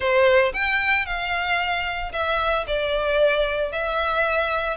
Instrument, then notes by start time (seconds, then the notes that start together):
violin
0.00 C5
0.53 G5
1.05 F5
2.12 E5
2.67 D5
3.72 E5